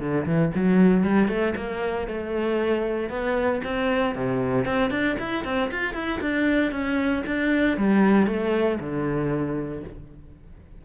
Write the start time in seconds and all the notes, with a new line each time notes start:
0.00 D3
0.26 E3
0.55 F#3
1.04 G3
1.29 A3
1.56 A#3
2.08 A3
3.10 B3
3.64 C4
4.16 C3
4.66 C4
4.91 D4
5.20 E4
5.45 C4
5.71 F4
5.94 E4
6.21 D4
6.72 C#4
7.27 D4
7.78 G3
8.27 A3
8.80 D3